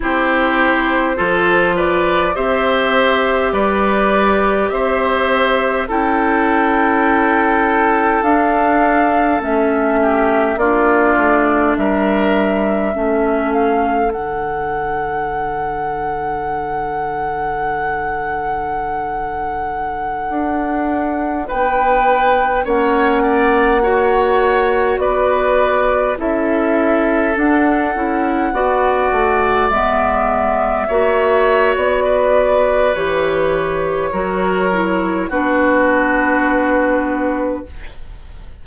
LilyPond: <<
  \new Staff \with { instrumentName = "flute" } { \time 4/4 \tempo 4 = 51 c''4. d''8 e''4 d''4 | e''4 g''2 f''4 | e''4 d''4 e''4. f''8 | fis''1~ |
fis''2~ fis''16 g''4 fis''8.~ | fis''4~ fis''16 d''4 e''4 fis''8.~ | fis''4~ fis''16 e''4.~ e''16 d''4 | cis''2 b'2 | }
  \new Staff \with { instrumentName = "oboe" } { \time 4/4 g'4 a'8 b'8 c''4 b'4 | c''4 a'2.~ | a'8 g'8 f'4 ais'4 a'4~ | a'1~ |
a'2~ a'16 b'4 cis''8 d''16~ | d''16 cis''4 b'4 a'4.~ a'16~ | a'16 d''2 cis''4 b'8.~ | b'4 ais'4 fis'2 | }
  \new Staff \with { instrumentName = "clarinet" } { \time 4/4 e'4 f'4 g'2~ | g'4 e'2 d'4 | cis'4 d'2 cis'4 | d'1~ |
d'2.~ d'16 cis'8.~ | cis'16 fis'2 e'4 d'8 e'16~ | e'16 fis'4 b4 fis'4.~ fis'16 | g'4 fis'8 e'8 d'2 | }
  \new Staff \with { instrumentName = "bassoon" } { \time 4/4 c'4 f4 c'4 g4 | c'4 cis'2 d'4 | a4 ais8 a8 g4 a4 | d1~ |
d4~ d16 d'4 b4 ais8.~ | ais4~ ais16 b4 cis'4 d'8 cis'16~ | cis'16 b8 a8 gis4 ais8. b4 | e4 fis4 b2 | }
>>